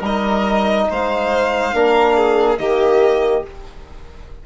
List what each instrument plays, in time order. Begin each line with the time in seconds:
0.00 bassoon G3, trombone D#4, violin A#4
0.06 violin D#5
0.90 bassoon G#3, violin C5 F5
1.74 bassoon A#3, trombone D4, violin A#4
2.17 violin G#4
2.58 bassoon D#3, trombone A#3, violin G4 D#5